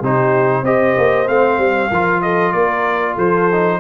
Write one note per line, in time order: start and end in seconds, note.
0.00 0.63 C3
0.00 0.65 D#4
0.00 0.63 G4
0.00 0.65 C5
0.63 0.94 C4
0.63 1.27 G4
0.63 1.90 C5
0.63 1.28 D#5
0.98 1.28 A#3
1.27 1.58 A3
1.27 1.90 C4
1.27 2.22 F5
1.58 1.90 G3
1.91 2.54 F3
1.91 3.52 F4
1.91 2.22 A#4
2.22 2.55 A4
2.22 2.52 D#5
2.52 3.17 A#3
2.52 3.15 A#4
2.52 3.16 D5
3.15 3.80 F3
3.15 3.78 A4
3.15 3.80 C5
3.52 3.80 D#4